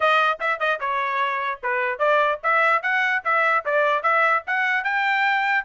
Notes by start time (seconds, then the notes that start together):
0.00 D#5
0.39 E5
0.59 D#5
0.79 C#5
1.62 B4
1.99 D5
2.43 E5
2.82 F#5
3.24 E5
3.65 D5
4.02 E5
4.46 F#5
4.84 G5